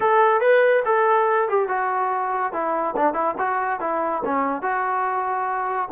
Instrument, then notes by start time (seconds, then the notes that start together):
trombone
0.00 A4
0.41 B4
0.85 A4
1.48 G4
1.68 F#4
2.52 E4
2.96 D4
3.13 E4
3.37 F#4
3.80 E4
4.24 C#4
4.62 F#4